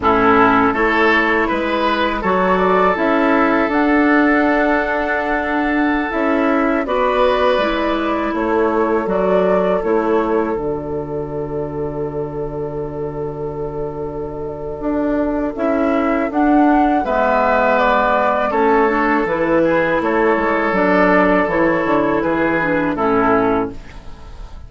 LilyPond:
<<
  \new Staff \with { instrumentName = "flute" } { \time 4/4 \tempo 4 = 81 a'4 cis''4 b'4 cis''8 d''8 | e''4 fis''2.~ | fis''16 e''4 d''2 cis''8.~ | cis''16 d''4 cis''4 d''4.~ d''16~ |
d''1~ | d''4 e''4 fis''4 e''4 | d''4 cis''4 b'4 cis''4 | d''4 cis''4 b'4 a'4 | }
  \new Staff \with { instrumentName = "oboe" } { \time 4/4 e'4 a'4 b'4 a'4~ | a'1~ | a'4~ a'16 b'2 a'8.~ | a'1~ |
a'1~ | a'2. b'4~ | b'4 a'4. gis'8 a'4~ | a'2 gis'4 e'4 | }
  \new Staff \with { instrumentName = "clarinet" } { \time 4/4 cis'4 e'2 fis'4 | e'4 d'2.~ | d'16 e'4 fis'4 e'4.~ e'16~ | e'16 fis'4 e'4 fis'4.~ fis'16~ |
fis'1~ | fis'4 e'4 d'4 b4~ | b4 cis'8 d'8 e'2 | d'4 e'4. d'8 cis'4 | }
  \new Staff \with { instrumentName = "bassoon" } { \time 4/4 a,4 a4 gis4 fis4 | cis'4 d'2.~ | d'16 cis'4 b4 gis4 a8.~ | a16 fis4 a4 d4.~ d16~ |
d1 | d'4 cis'4 d'4 gis4~ | gis4 a4 e4 a8 gis8 | fis4 e8 d8 e4 a,4 | }
>>